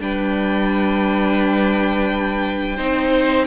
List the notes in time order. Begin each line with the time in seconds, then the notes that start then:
0.00 G3 D4 B4 G5
2.76 C4 D#4 C5